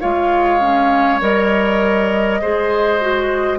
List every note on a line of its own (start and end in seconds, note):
0.00 1.20 G#3
0.00 0.60 F4
0.00 2.40 C#5
0.00 1.20 F5
0.60 1.20 C#4
1.20 2.40 G3
1.20 2.40 A#4
1.20 3.58 D#5
2.41 3.58 G#3
2.41 3.00 G#4
2.41 3.58 C5
3.00 3.58 F#4